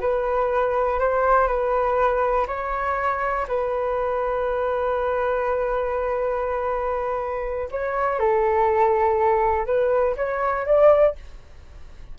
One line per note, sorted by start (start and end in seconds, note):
0.00 0.99 B4
0.99 1.47 C5
1.47 2.47 B4
2.47 3.46 C#5
3.47 7.69 B4
7.71 8.19 C#5
8.19 9.66 A4
9.66 10.15 B4
10.16 10.66 C#5
10.66 11.15 D5